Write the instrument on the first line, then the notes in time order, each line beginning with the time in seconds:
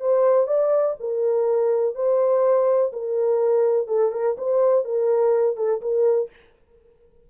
horn
0.00 C5
0.47 D5
1.00 A#4
1.95 C5
2.93 A#4
3.88 A4
4.12 A#4
4.38 C5
4.84 A#4
5.57 A4
5.81 A#4